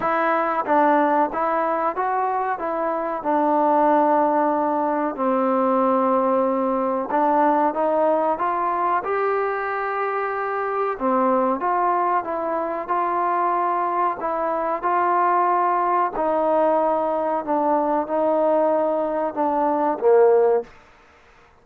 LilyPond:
\new Staff \with { instrumentName = "trombone" } { \time 4/4 \tempo 4 = 93 e'4 d'4 e'4 fis'4 | e'4 d'2. | c'2. d'4 | dis'4 f'4 g'2~ |
g'4 c'4 f'4 e'4 | f'2 e'4 f'4~ | f'4 dis'2 d'4 | dis'2 d'4 ais4 | }